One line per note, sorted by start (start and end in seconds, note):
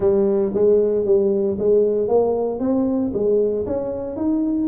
0.00 0.52 G3
0.54 1.05 G#3
1.05 1.57 G3
1.59 2.08 G#3
2.08 2.59 A#3
2.59 3.12 C4
3.13 3.65 G#3
3.66 4.16 C#4
4.16 4.68 D#4